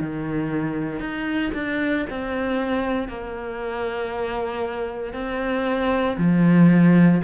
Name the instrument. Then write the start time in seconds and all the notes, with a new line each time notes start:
cello
0.00 D#3
0.99 D#4
1.54 D4
2.09 C4
3.08 A#3
5.13 C4
6.17 F3